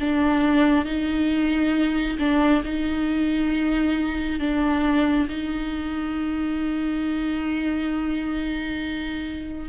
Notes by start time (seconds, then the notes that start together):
0.00 D4
0.85 D#4
2.19 D4
2.64 D#4
4.39 D4
5.29 D#4